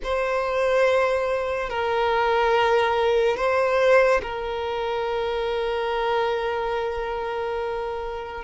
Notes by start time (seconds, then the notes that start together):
0.03 C5
1.69 A#4
3.36 C5
4.22 A#4